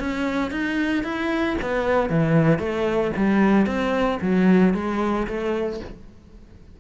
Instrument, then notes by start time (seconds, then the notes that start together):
cello
0.00 C#4
0.51 D#4
1.04 E4
1.62 B3
2.10 E3
2.59 A3
3.17 G3
3.67 C4
4.22 F#3
4.74 G#3
5.28 A3